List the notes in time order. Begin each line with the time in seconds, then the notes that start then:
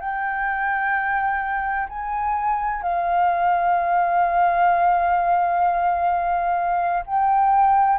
0.00 G5
1.89 G#5
2.82 F5
7.06 G5